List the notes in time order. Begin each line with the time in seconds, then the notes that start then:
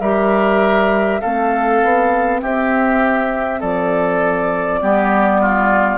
0.00 G3 G4 A#4 E5
1.21 A3 C4 A4 F5
1.83 B3
2.42 C4 G4 E5
3.60 F3 A4 D5
4.82 G3 B3 G4
5.42 F4